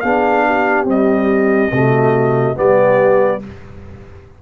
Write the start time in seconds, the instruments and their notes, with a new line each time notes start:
0.00 tuba B3, trombone D4, horn G#4, trumpet F5
0.46 horn G4
0.84 trombone G3, tuba C4, trumpet D#5
1.71 tuba C3, trombone A3, horn F#4
2.55 tuba G3, trombone B3, horn G4, trumpet D5